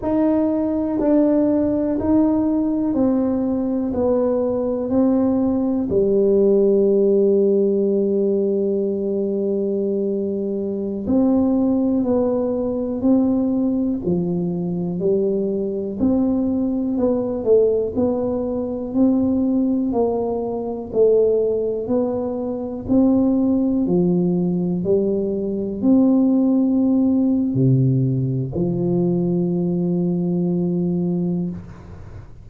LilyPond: \new Staff \with { instrumentName = "tuba" } { \time 4/4 \tempo 4 = 61 dis'4 d'4 dis'4 c'4 | b4 c'4 g2~ | g2.~ g16 c'8.~ | c'16 b4 c'4 f4 g8.~ |
g16 c'4 b8 a8 b4 c'8.~ | c'16 ais4 a4 b4 c'8.~ | c'16 f4 g4 c'4.~ c'16 | c4 f2. | }